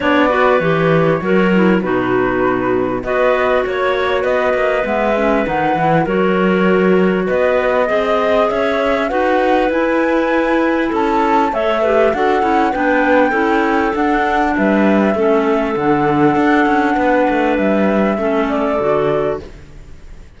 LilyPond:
<<
  \new Staff \with { instrumentName = "flute" } { \time 4/4 \tempo 4 = 99 d''4 cis''2 b'4~ | b'4 dis''4 cis''4 dis''4 | e''4 fis''4 cis''2 | dis''2 e''4 fis''4 |
gis''2 a''4 e''4 | fis''4 g''2 fis''4 | e''2 fis''2~ | fis''4 e''4. d''4. | }
  \new Staff \with { instrumentName = "clarinet" } { \time 4/4 cis''8 b'4. ais'4 fis'4~ | fis'4 b'4 cis''4 b'4~ | b'2 ais'2 | b'4 dis''4 cis''4 b'4~ |
b'2 a'4 cis''8 b'8 | a'4 b'4 a'2 | b'4 a'2. | b'2 a'2 | }
  \new Staff \with { instrumentName = "clarinet" } { \time 4/4 d'8 fis'8 g'4 fis'8 e'8 dis'4~ | dis'4 fis'2. | b8 cis'8 dis'8 e'8 fis'2~ | fis'4 gis'2 fis'4 |
e'2. a'8 g'8 | fis'8 e'8 d'4 e'4 d'4~ | d'4 cis'4 d'2~ | d'2 cis'4 fis'4 | }
  \new Staff \with { instrumentName = "cello" } { \time 4/4 b4 e4 fis4 b,4~ | b,4 b4 ais4 b8 ais8 | gis4 dis8 e8 fis2 | b4 c'4 cis'4 dis'4 |
e'2 cis'4 a4 | d'8 cis'8 b4 cis'4 d'4 | g4 a4 d4 d'8 cis'8 | b8 a8 g4 a4 d4 | }
>>